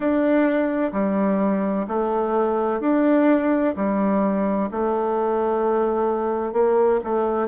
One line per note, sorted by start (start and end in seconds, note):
0.00 0.91 D4
0.92 1.86 G3
1.87 2.80 A3
2.80 3.74 D4
3.75 4.69 G3
4.71 6.52 A3
6.52 6.99 A#3
7.04 7.47 A3